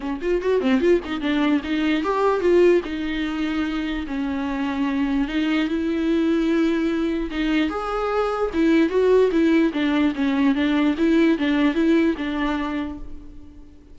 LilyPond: \new Staff \with { instrumentName = "viola" } { \time 4/4 \tempo 4 = 148 cis'8 f'8 fis'8 c'8 f'8 dis'8 d'4 | dis'4 g'4 f'4 dis'4~ | dis'2 cis'2~ | cis'4 dis'4 e'2~ |
e'2 dis'4 gis'4~ | gis'4 e'4 fis'4 e'4 | d'4 cis'4 d'4 e'4 | d'4 e'4 d'2 | }